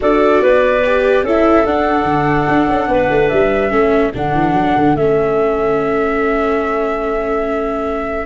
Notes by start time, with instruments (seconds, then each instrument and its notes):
0.00 tuba D4, viola F#4, clarinet A4, flute D5
0.42 tuba B3, clarinet B4
0.85 viola G4
1.23 tuba C#4, viola E4, clarinet A4, flute E5
1.65 tuba D4, viola D4, flute F#5
2.04 tuba D3
2.48 tuba D4
2.69 tuba C#4
2.88 tuba B3, clarinet B4
3.10 tuba A3
3.28 tuba G3, flute E5
3.69 tuba A3, viola C#4, clarinet A4
4.14 tuba D3, viola D4, flute F#5
4.34 tuba E3
4.53 tuba F#3
4.76 tuba D3
4.95 tuba A3, viola C#4, flute E5